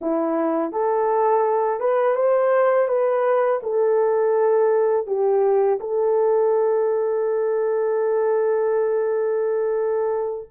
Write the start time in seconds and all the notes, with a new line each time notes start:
0.01 E4
0.72 A4
1.80 B4
2.15 C5
2.88 B4
3.62 A4
5.06 G4
5.80 A4